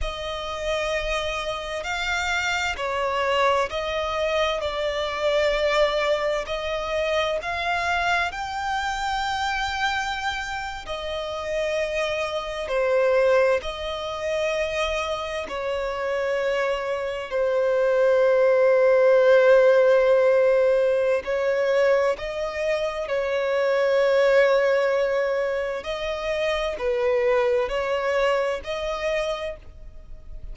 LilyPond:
\new Staff \with { instrumentName = "violin" } { \time 4/4 \tempo 4 = 65 dis''2 f''4 cis''4 | dis''4 d''2 dis''4 | f''4 g''2~ g''8. dis''16~ | dis''4.~ dis''16 c''4 dis''4~ dis''16~ |
dis''8. cis''2 c''4~ c''16~ | c''2. cis''4 | dis''4 cis''2. | dis''4 b'4 cis''4 dis''4 | }